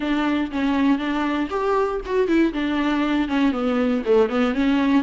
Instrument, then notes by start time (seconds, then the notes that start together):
viola
0.00 D4
0.51 C#4
0.98 D4
1.50 G4
2.05 F#4
2.27 E4
2.53 D4
3.28 C#4
3.52 B3
4.05 A3
4.29 B3
4.54 C#4